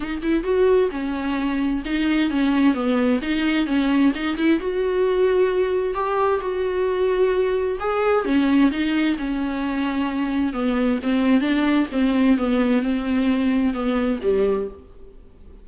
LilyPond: \new Staff \with { instrumentName = "viola" } { \time 4/4 \tempo 4 = 131 dis'8 e'8 fis'4 cis'2 | dis'4 cis'4 b4 dis'4 | cis'4 dis'8 e'8 fis'2~ | fis'4 g'4 fis'2~ |
fis'4 gis'4 cis'4 dis'4 | cis'2. b4 | c'4 d'4 c'4 b4 | c'2 b4 g4 | }